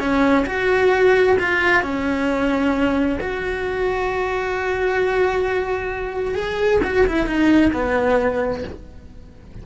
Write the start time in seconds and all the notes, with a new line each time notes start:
0.00 C#4
0.46 F#4
1.40 F4
1.83 C#4
3.21 F#4
6.35 G#4
6.84 F#4
7.07 E4
7.27 D#4
7.73 B3